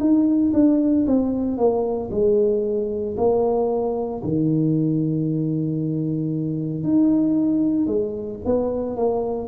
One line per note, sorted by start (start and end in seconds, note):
0.00 0.53 D#4
0.54 1.06 D4
1.07 1.57 C4
1.57 2.10 A#3
2.11 3.16 G#3
3.17 4.22 A#3
4.23 6.84 D#3
6.84 7.87 D#4
7.87 8.39 G#3
8.45 8.96 B3
8.96 9.48 A#3